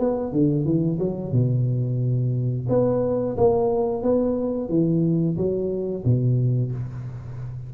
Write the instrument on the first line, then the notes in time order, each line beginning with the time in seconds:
tuba
0.00 B3
0.33 D3
0.66 E3
1.00 F#3
1.33 B2
2.70 B3
3.38 A#3
4.03 B3
4.69 E3
5.37 F#3
6.05 B2